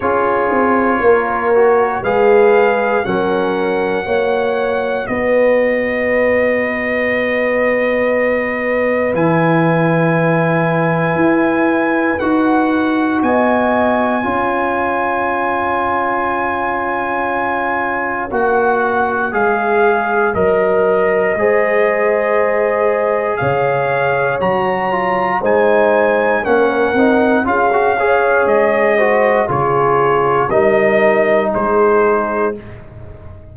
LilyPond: <<
  \new Staff \with { instrumentName = "trumpet" } { \time 4/4 \tempo 4 = 59 cis''2 f''4 fis''4~ | fis''4 dis''2.~ | dis''4 gis''2. | fis''4 gis''2.~ |
gis''2 fis''4 f''4 | dis''2. f''4 | ais''4 gis''4 fis''4 f''4 | dis''4 cis''4 dis''4 c''4 | }
  \new Staff \with { instrumentName = "horn" } { \time 4/4 gis'4 ais'4 b'4 ais'4 | cis''4 b'2.~ | b'1~ | b'4 dis''4 cis''2~ |
cis''1~ | cis''4 c''2 cis''4~ | cis''4 c''4 ais'4 gis'8 cis''8~ | cis''8 c''8 gis'4 ais'4 gis'4 | }
  \new Staff \with { instrumentName = "trombone" } { \time 4/4 f'4. fis'8 gis'4 cis'4 | fis'1~ | fis'4 e'2. | fis'2 f'2~ |
f'2 fis'4 gis'4 | ais'4 gis'2. | fis'8 f'8 dis'4 cis'8 dis'8 f'16 fis'16 gis'8~ | gis'8 fis'8 f'4 dis'2 | }
  \new Staff \with { instrumentName = "tuba" } { \time 4/4 cis'8 c'8 ais4 gis4 fis4 | ais4 b2.~ | b4 e2 e'4 | dis'4 b4 cis'2~ |
cis'2 ais4 gis4 | fis4 gis2 cis4 | fis4 gis4 ais8 c'8 cis'4 | gis4 cis4 g4 gis4 | }
>>